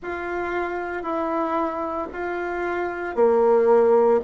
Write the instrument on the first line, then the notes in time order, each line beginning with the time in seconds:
bassoon
0.02 F4
1.02 E4
2.12 F4
3.15 A#3